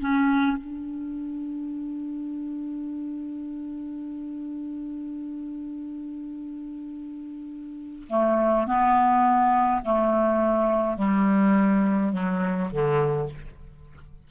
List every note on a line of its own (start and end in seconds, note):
0.00 0.57 C#4
0.57 8.07 D4
8.10 8.67 A3
8.67 9.82 B3
9.85 10.97 A3
10.97 12.13 G3
12.13 12.70 F#3
12.72 13.30 D3